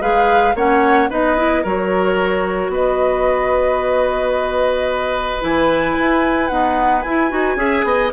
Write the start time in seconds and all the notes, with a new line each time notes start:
0.00 G#3 G#4 B4 F5
0.54 A#3 C#4 C#5 F#5
1.09 B3 D#4 B4 D#5
1.36 E4
1.63 F#3 F#4 A#4 C#5
2.68 B3 B4 D#5
5.41 E3 E4 G#5
5.98 E4
6.48 B3 D#4 F#5
7.01 E4 G#5
7.30 D#4 F#4
7.55 C#4 G#4 E5
7.84 B3 D#5